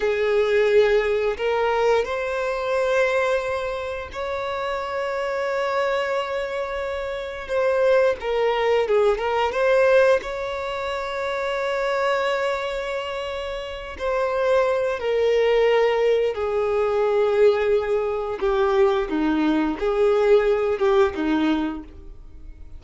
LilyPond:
\new Staff \with { instrumentName = "violin" } { \time 4/4 \tempo 4 = 88 gis'2 ais'4 c''4~ | c''2 cis''2~ | cis''2. c''4 | ais'4 gis'8 ais'8 c''4 cis''4~ |
cis''1~ | cis''8 c''4. ais'2 | gis'2. g'4 | dis'4 gis'4. g'8 dis'4 | }